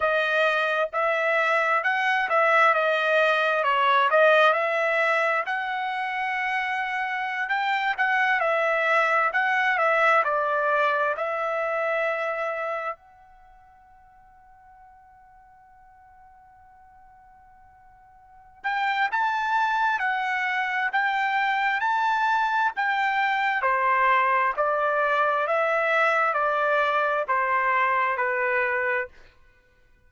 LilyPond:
\new Staff \with { instrumentName = "trumpet" } { \time 4/4 \tempo 4 = 66 dis''4 e''4 fis''8 e''8 dis''4 | cis''8 dis''8 e''4 fis''2~ | fis''16 g''8 fis''8 e''4 fis''8 e''8 d''8.~ | d''16 e''2 fis''4.~ fis''16~ |
fis''1~ | fis''8 g''8 a''4 fis''4 g''4 | a''4 g''4 c''4 d''4 | e''4 d''4 c''4 b'4 | }